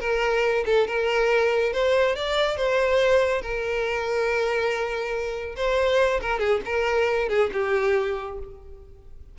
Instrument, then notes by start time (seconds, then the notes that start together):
violin
0.00 A#4
0.65 A4
0.87 A#4
1.73 C5
2.15 D5
2.57 C5
3.41 A#4
5.56 C5
6.21 A#4
6.39 G#4
6.65 A#4
7.29 G#4
7.53 G4